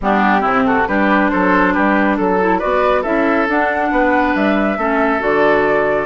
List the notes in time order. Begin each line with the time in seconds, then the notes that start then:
0.01 G3 B3 D4 G4
0.40 C3 C4 E4
0.66 F#4 A4
0.87 G3 D4 G4 B4
1.29 F#3 A4 C5
1.73 G3 G4 B4
2.17 F#3 A4
2.40 E4
2.58 B3 F#4 B4 D5
3.01 C#4 E4 A4 E5
3.48 D4 F#5
3.91 B3 B4
4.35 G3 E5
4.77 A3 C#4 A4
5.19 D3 F#4 D5